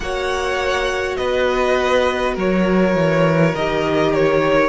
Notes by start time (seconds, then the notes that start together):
0.00 A#3 F#4 C#5 F#5
1.16 B3 B4 D#5
2.34 F#3 A#4 C#5
2.95 E3
3.55 D#3 G4 D#5
4.14 C#5